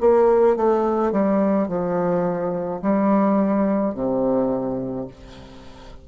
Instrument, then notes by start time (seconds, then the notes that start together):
bassoon
0.00 A#3
0.56 A3
1.12 G3
1.68 F3
2.81 G3
3.94 C3